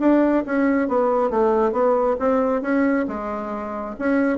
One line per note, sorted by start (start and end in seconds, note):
0.00 0.44 D4
0.46 0.88 C#4
0.88 1.30 B3
1.30 1.72 A3
1.72 2.16 B3
2.19 2.62 C4
2.62 3.06 C#4
3.08 3.96 G#3
3.99 4.38 C#4